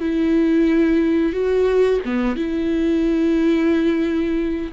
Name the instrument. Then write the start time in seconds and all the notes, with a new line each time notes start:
viola
0.00 E4
1.32 F#4
2.05 B3
2.36 E4